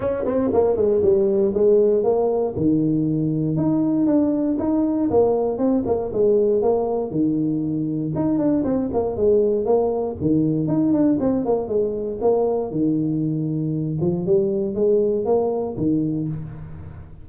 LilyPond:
\new Staff \with { instrumentName = "tuba" } { \time 4/4 \tempo 4 = 118 cis'8 c'8 ais8 gis8 g4 gis4 | ais4 dis2 dis'4 | d'4 dis'4 ais4 c'8 ais8 | gis4 ais4 dis2 |
dis'8 d'8 c'8 ais8 gis4 ais4 | dis4 dis'8 d'8 c'8 ais8 gis4 | ais4 dis2~ dis8 f8 | g4 gis4 ais4 dis4 | }